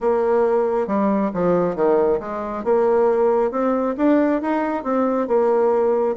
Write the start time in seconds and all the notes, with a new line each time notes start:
0.00 A#3
0.87 G3
1.33 F3
1.75 D#3
2.19 G#3
2.64 A#3
3.51 C4
3.97 D4
4.41 D#4
4.83 C4
5.27 A#3